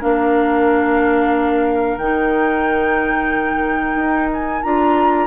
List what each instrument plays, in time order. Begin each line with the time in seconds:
0.00 bassoon A#3, clarinet D4, oboe A#4, flute F5
1.98 bassoon D#3, clarinet D#4, flute G5
3.95 bassoon D#4
4.34 flute G#5
4.63 bassoon D4, clarinet F4, flute A#5